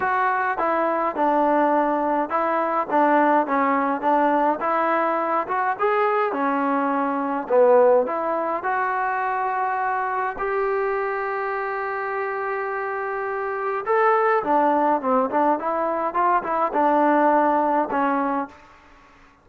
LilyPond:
\new Staff \with { instrumentName = "trombone" } { \time 4/4 \tempo 4 = 104 fis'4 e'4 d'2 | e'4 d'4 cis'4 d'4 | e'4. fis'8 gis'4 cis'4~ | cis'4 b4 e'4 fis'4~ |
fis'2 g'2~ | g'1 | a'4 d'4 c'8 d'8 e'4 | f'8 e'8 d'2 cis'4 | }